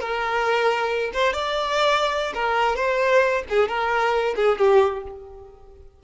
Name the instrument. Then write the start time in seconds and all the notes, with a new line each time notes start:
violin
0.00 A#4
1.13 C5
1.33 D5
2.34 A#4
2.76 C5
3.49 G#4
3.68 A#4
4.36 G#4
4.58 G4